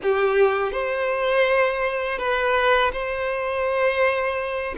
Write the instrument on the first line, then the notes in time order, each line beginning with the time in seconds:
violin
0.02 G4
0.72 C5
2.18 B4
2.92 C5